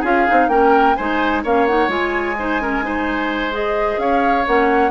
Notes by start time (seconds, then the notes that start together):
0.00 C#4 F4 G#4 F5
0.27 C4 D#4
0.48 A#3 C#4 A#4 G5
0.95 G#3 D#4 C5 G#5
1.43 A#3 C#4 C#5 F5
1.67 D#4 F#5
1.88 G#3 F4 G#5
2.39 D#4 C5
2.60 C#4 A#4
2.82 D#4 C5
3.51 G#4 D#5
3.97 C#4 C#5 F5
4.47 A#3 C#4 F#5